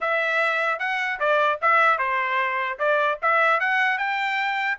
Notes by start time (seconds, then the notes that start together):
0.01 E5
0.79 F#5
1.19 D5
1.61 E5
1.98 C5
2.78 D5
3.22 E5
3.60 F#5
3.98 G5